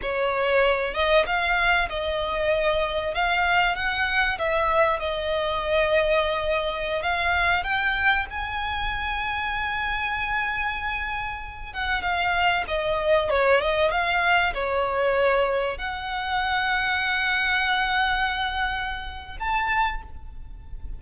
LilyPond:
\new Staff \with { instrumentName = "violin" } { \time 4/4 \tempo 4 = 96 cis''4. dis''8 f''4 dis''4~ | dis''4 f''4 fis''4 e''4 | dis''2.~ dis''16 f''8.~ | f''16 g''4 gis''2~ gis''8.~ |
gis''2~ gis''8. fis''8 f''8.~ | f''16 dis''4 cis''8 dis''8 f''4 cis''8.~ | cis''4~ cis''16 fis''2~ fis''8.~ | fis''2. a''4 | }